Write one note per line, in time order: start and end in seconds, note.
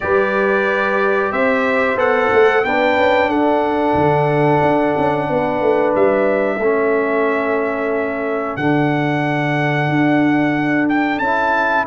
0.00 1.32 G3
0.00 1.97 G4
0.00 1.32 B4
0.00 1.31 D5
1.31 1.95 C4
1.31 2.64 C5
1.31 1.97 E5
1.95 2.28 B3
1.95 2.63 A4
1.95 2.64 F#5
2.32 2.64 A3
2.63 2.97 B3
2.63 6.59 D4
2.63 3.28 B4
2.63 3.29 G5
2.97 3.27 C#4
3.27 3.93 D4
3.27 5.26 A4
3.27 5.93 F#5
3.94 4.60 D3
4.62 4.95 D4
4.97 5.29 C#4
5.29 5.61 B3
5.29 6.57 B4
5.61 5.94 A3
5.95 6.58 G3
5.95 8.56 E5
6.57 8.56 A3
6.57 8.59 C#4
6.57 11.84 A4
8.56 9.88 D3
8.56 11.23 D4
8.56 10.87 F#5
9.89 11.19 D4
10.88 11.18 G5
11.18 11.85 C#4
11.18 11.87 E4
11.18 11.84 A5